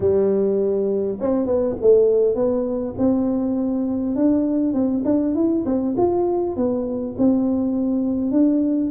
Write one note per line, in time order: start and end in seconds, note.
0.00 1.18 G3
1.20 1.46 C4
1.46 1.75 B3
1.81 2.35 A3
2.35 2.94 B3
2.98 4.15 C4
4.15 4.73 D4
4.73 5.03 C4
5.05 5.34 D4
5.34 5.64 E4
5.65 5.95 C4
5.97 6.56 F4
6.56 7.15 B3
7.17 8.31 C4
8.31 8.90 D4